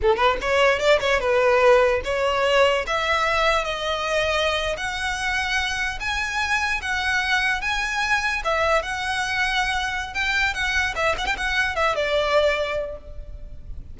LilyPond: \new Staff \with { instrumentName = "violin" } { \time 4/4 \tempo 4 = 148 a'8 b'8 cis''4 d''8 cis''8 b'4~ | b'4 cis''2 e''4~ | e''4 dis''2~ dis''8. fis''16~ | fis''2~ fis''8. gis''4~ gis''16~ |
gis''8. fis''2 gis''4~ gis''16~ | gis''8. e''4 fis''2~ fis''16~ | fis''4 g''4 fis''4 e''8 fis''16 g''16 | fis''4 e''8 d''2~ d''8 | }